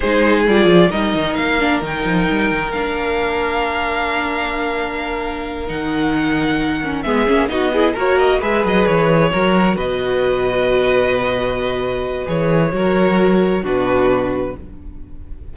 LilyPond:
<<
  \new Staff \with { instrumentName = "violin" } { \time 4/4 \tempo 4 = 132 c''4 d''4 dis''4 f''4 | g''2 f''2~ | f''1~ | f''8 fis''2. e''8~ |
e''8 dis''4 cis''8 dis''8 e''8 dis''8 cis''8~ | cis''4. dis''2~ dis''8~ | dis''2. cis''4~ | cis''2 b'2 | }
  \new Staff \with { instrumentName = "violin" } { \time 4/4 gis'2 ais'2~ | ais'1~ | ais'1~ | ais'2.~ ais'8 gis'8~ |
gis'8 fis'8 gis'8 ais'4 b'4.~ | b'8 ais'4 b'2~ b'8~ | b'1 | ais'2 fis'2 | }
  \new Staff \with { instrumentName = "viola" } { \time 4/4 dis'4 f'4 dis'4. d'8 | dis'2 d'2~ | d'1~ | d'8 dis'2~ dis'8 cis'8 b8 |
cis'8 dis'8 e'8 fis'4 gis'4.~ | gis'8 fis'2.~ fis'8~ | fis'2. gis'4 | fis'2 d'2 | }
  \new Staff \with { instrumentName = "cello" } { \time 4/4 gis4 g8 f8 g8 dis8 ais4 | dis8 f8 g8 dis8 ais2~ | ais1~ | ais8 dis2. gis8 |
ais8 b4 ais4 gis8 fis8 e8~ | e8 fis4 b,2~ b,8~ | b,2. e4 | fis2 b,2 | }
>>